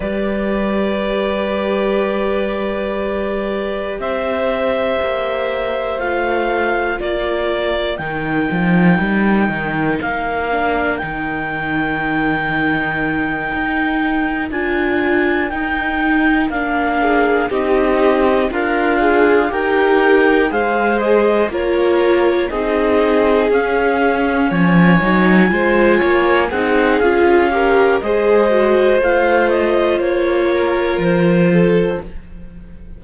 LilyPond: <<
  \new Staff \with { instrumentName = "clarinet" } { \time 4/4 \tempo 4 = 60 d''1 | e''2 f''4 d''4 | g''2 f''4 g''4~ | g''2~ g''8 gis''4 g''8~ |
g''8 f''4 dis''4 f''4 g''8~ | g''8 f''8 dis''8 cis''4 dis''4 f''8~ | f''8 gis''2 fis''8 f''4 | dis''4 f''8 dis''8 cis''4 c''4 | }
  \new Staff \with { instrumentName = "violin" } { \time 4/4 b'1 | c''2. ais'4~ | ais'1~ | ais'1~ |
ais'4 gis'8 g'4 f'4 ais'8~ | ais'8 c''4 ais'4 gis'4.~ | gis'8 cis''4 c''8 cis''8 gis'4 ais'8 | c''2~ c''8 ais'4 a'8 | }
  \new Staff \with { instrumentName = "viola" } { \time 4/4 g'1~ | g'2 f'2 | dis'2~ dis'8 d'8 dis'4~ | dis'2~ dis'8 f'4 dis'8~ |
dis'8 d'4 dis'4 ais'8 gis'8 g'8~ | g'8 gis'4 f'4 dis'4 cis'8~ | cis'4 dis'8 f'4 dis'8 f'8 g'8 | gis'8 fis'8 f'2. | }
  \new Staff \with { instrumentName = "cello" } { \time 4/4 g1 | c'4 ais4 a4 ais4 | dis8 f8 g8 dis8 ais4 dis4~ | dis4. dis'4 d'4 dis'8~ |
dis'8 ais4 c'4 d'4 dis'8~ | dis'8 gis4 ais4 c'4 cis'8~ | cis'8 f8 fis8 gis8 ais8 c'8 cis'4 | gis4 a4 ais4 f4 | }
>>